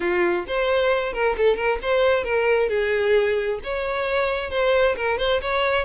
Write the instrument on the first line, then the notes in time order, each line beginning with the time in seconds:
violin
0.00 F4
0.47 C5
1.13 A#4
1.37 A4
1.56 A#4
1.81 C5
2.24 A#4
2.69 G#4
3.63 C#5
4.50 C5
4.96 A#4
5.18 C5
5.41 C#5